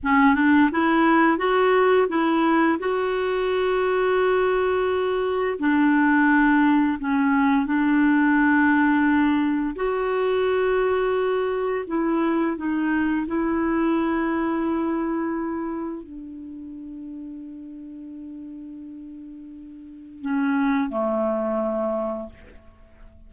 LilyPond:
\new Staff \with { instrumentName = "clarinet" } { \time 4/4 \tempo 4 = 86 cis'8 d'8 e'4 fis'4 e'4 | fis'1 | d'2 cis'4 d'4~ | d'2 fis'2~ |
fis'4 e'4 dis'4 e'4~ | e'2. d'4~ | d'1~ | d'4 cis'4 a2 | }